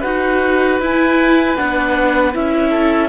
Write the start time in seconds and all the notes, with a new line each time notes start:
0.00 D#4 F#4 B4 F#5
0.79 E4 G#5
1.56 B3 D4 F#5
2.34 C#4 E4 E5
2.70 A4